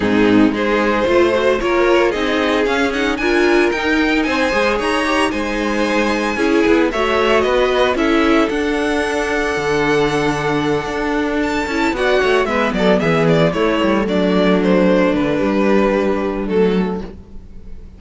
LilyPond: <<
  \new Staff \with { instrumentName = "violin" } { \time 4/4 \tempo 4 = 113 gis'4 c''2 cis''4 | dis''4 f''8 fis''8 gis''4 g''4 | gis''4 ais''4 gis''2~ | gis''4 e''4 dis''4 e''4 |
fis''1~ | fis''4. a''4 fis''4 e''8 | d''8 e''8 d''8 cis''4 d''4 c''8~ | c''8 b'2~ b'8 a'4 | }
  \new Staff \with { instrumentName = "violin" } { \time 4/4 dis'4 gis'4 c''4 ais'4 | gis'2 ais'2 | c''4 cis''4 c''2 | gis'4 cis''4 b'4 a'4~ |
a'1~ | a'2~ a'8 d''8 cis''8 b'8 | a'8 gis'4 e'4 d'4.~ | d'1 | }
  \new Staff \with { instrumentName = "viola" } { \time 4/4 c'4 dis'4 f'8 fis'8 f'4 | dis'4 cis'8 dis'8 f'4 dis'4~ | dis'8 gis'4 g'8 dis'2 | e'4 fis'2 e'4 |
d'1~ | d'2 e'8 fis'4 b8~ | b4. a2~ a8~ | a4 g2 a4 | }
  \new Staff \with { instrumentName = "cello" } { \time 4/4 gis,4 gis4 a4 ais4 | c'4 cis'4 d'4 dis'4 | c'8 gis8 dis'4 gis2 | cis'8 b8 a4 b4 cis'4 |
d'2 d2~ | d8 d'4. cis'8 b8 a8 gis8 | fis8 e4 a8 g8 fis4.~ | fis8 d8 g2 fis4 | }
>>